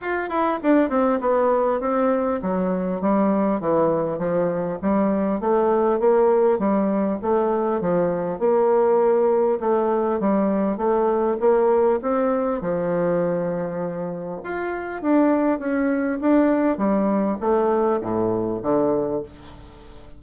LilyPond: \new Staff \with { instrumentName = "bassoon" } { \time 4/4 \tempo 4 = 100 f'8 e'8 d'8 c'8 b4 c'4 | fis4 g4 e4 f4 | g4 a4 ais4 g4 | a4 f4 ais2 |
a4 g4 a4 ais4 | c'4 f2. | f'4 d'4 cis'4 d'4 | g4 a4 a,4 d4 | }